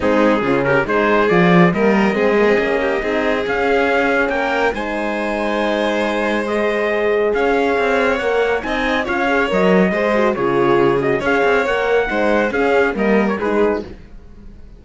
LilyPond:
<<
  \new Staff \with { instrumentName = "trumpet" } { \time 4/4 \tempo 4 = 139 gis'4. ais'8 c''4 d''4 | dis''1 | f''2 g''4 gis''4~ | gis''2. dis''4~ |
dis''4 f''2 fis''4 | gis''4 f''4 dis''2 | cis''4. dis''8 f''4 fis''4~ | fis''4 f''4 dis''8. cis''16 b'4 | }
  \new Staff \with { instrumentName = "violin" } { \time 4/4 dis'4 f'8 g'8 gis'2 | ais'4 gis'4. g'8 gis'4~ | gis'2 ais'4 c''4~ | c''1~ |
c''4 cis''2. | dis''4 cis''2 c''4 | gis'2 cis''2 | c''4 gis'4 ais'4 gis'4 | }
  \new Staff \with { instrumentName = "horn" } { \time 4/4 c'4 cis'4 dis'4 f'4 | ais4 c'8 ais16 c'16 cis'4 dis'4 | cis'2. dis'4~ | dis'2. gis'4~ |
gis'2. ais'4 | dis'4 f'8 gis'8 ais'4 gis'8 fis'8 | f'4. fis'8 gis'4 ais'4 | dis'4 cis'4 ais4 dis'4 | }
  \new Staff \with { instrumentName = "cello" } { \time 4/4 gis4 cis4 gis4 f4 | g4 gis4 ais4 c'4 | cis'2 ais4 gis4~ | gis1~ |
gis4 cis'4 c'4 ais4 | c'4 cis'4 fis4 gis4 | cis2 cis'8 c'8 ais4 | gis4 cis'4 g4 gis4 | }
>>